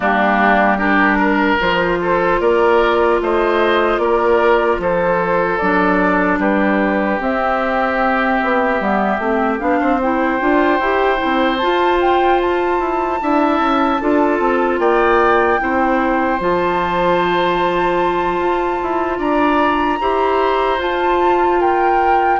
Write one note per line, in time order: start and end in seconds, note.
0.00 1.56 G3
0.00 0.78 A#3
0.00 0.77 D4
0.00 0.78 G4
0.77 1.58 D4
0.77 1.17 G4
0.77 1.58 A#4
1.18 1.98 A#4
1.59 2.40 F3
1.59 5.59 F4
1.59 2.41 C5
2.01 2.40 A4
2.40 3.20 A#3
2.40 3.20 A#4
2.40 3.21 D5
3.21 3.98 A3
3.21 4.01 C5
3.21 3.98 D#5
3.98 4.78 A#3
3.98 4.81 A#4
3.98 4.78 D5
4.78 5.58 F3
4.78 6.39 A4
4.78 5.58 C5
5.58 6.38 F#3
5.58 7.19 D4
5.58 6.38 D5
6.38 7.18 G3
6.38 9.79 G4
6.38 7.20 B4
7.19 8.79 C4
7.19 8.40 C4
7.19 9.59 E5
8.42 8.80 B3
8.79 9.18 G3
8.79 9.19 B3
9.18 9.58 A3
9.18 9.59 C4
9.59 9.80 B3
9.59 9.99 D4
9.59 9.99 F5
9.79 10.40 C4
9.79 13.20 C5
10.01 10.39 E4
10.01 11.57 G5
10.39 10.79 D4
10.39 10.79 F4
10.79 11.19 E4
10.79 11.17 G4
11.17 11.57 E4
11.24 11.62 C4
11.57 13.20 F4
11.57 12.79 F4
11.57 11.97 A5
12.01 12.41 G5
12.41 14.80 A5
12.79 13.19 E4
13.20 13.60 D4
13.20 14.00 E4
13.20 14.01 E5
13.60 14.00 C#4
14.01 14.39 D4
14.01 15.58 F4
14.01 14.80 A4
14.39 14.79 C4
14.79 15.59 A#3
14.79 15.60 D5
14.79 16.39 G5
15.58 16.39 C4
15.58 16.38 E4
15.58 19.18 C5
16.39 18.38 F3
16.39 19.99 F4
16.39 19.19 A5
18.38 18.78 F4
18.82 19.18 E4
19.18 19.98 D4
19.18 19.98 D5
19.18 20.79 A#5
20.00 20.78 E4
20.00 20.78 G4
20.00 21.60 C5
20.78 22.38 F4
20.78 21.61 A5
21.60 22.40 A#4
21.60 22.40 G5